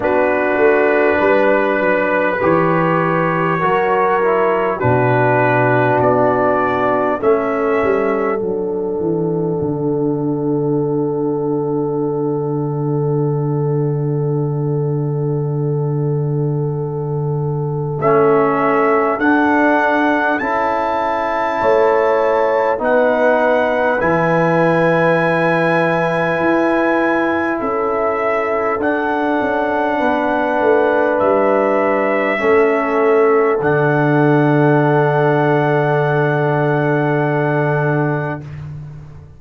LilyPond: <<
  \new Staff \with { instrumentName = "trumpet" } { \time 4/4 \tempo 4 = 50 b'2 cis''2 | b'4 d''4 e''4 fis''4~ | fis''1~ | fis''2. e''4 |
fis''4 a''2 fis''4 | gis''2. e''4 | fis''2 e''2 | fis''1 | }
  \new Staff \with { instrumentName = "horn" } { \time 4/4 fis'4 b'2 ais'4 | fis'2 a'2~ | a'1~ | a'1~ |
a'2 cis''4 b'4~ | b'2. a'4~ | a'4 b'2 a'4~ | a'1 | }
  \new Staff \with { instrumentName = "trombone" } { \time 4/4 d'2 g'4 fis'8 e'8 | d'2 cis'4 d'4~ | d'1~ | d'2. cis'4 |
d'4 e'2 dis'4 | e'1 | d'2. cis'4 | d'1 | }
  \new Staff \with { instrumentName = "tuba" } { \time 4/4 b8 a8 g8 fis8 e4 fis4 | b,4 b4 a8 g8 fis8 e8 | d1~ | d2. a4 |
d'4 cis'4 a4 b4 | e2 e'4 cis'4 | d'8 cis'8 b8 a8 g4 a4 | d1 | }
>>